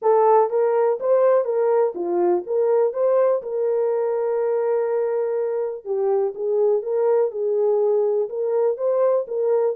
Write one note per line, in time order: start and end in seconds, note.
0.02 0.50 A4
0.50 0.98 A#4
1.00 1.44 C5
1.44 1.93 A#4
1.94 2.43 F4
2.46 2.93 A#4
2.93 3.42 C5
3.42 5.84 A#4
5.84 6.33 G4
6.34 6.82 G#4
6.82 7.31 A#4
7.31 8.28 G#4
8.29 8.77 A#4
8.77 9.26 C5
9.27 9.76 A#4